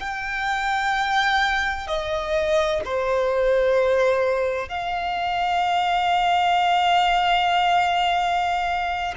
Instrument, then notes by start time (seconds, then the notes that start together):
violin
0.00 G5
1.87 D#5
2.85 C5
4.69 F5